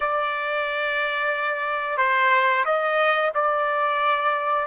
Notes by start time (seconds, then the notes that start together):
0.00 D5
1.97 C5
2.65 D#5
3.34 D5